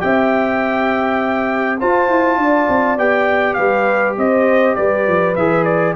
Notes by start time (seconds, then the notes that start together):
0.00 C4 G4 E5 G5
1.80 F4 C5 A5
2.09 E4
2.38 D4 D5
2.69 C4
2.98 B3 G4 G5
3.54 G3 B4 F5
4.18 C4 C5 D#5
4.76 G3 B4 D5
5.08 F3
5.36 E3 G#4 E5
5.65 D5